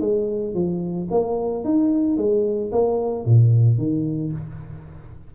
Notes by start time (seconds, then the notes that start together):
0.00 G#3
0.54 F3
1.10 A#3
1.64 D#4
2.17 G#3
2.72 A#3
3.25 A#2
3.78 D#3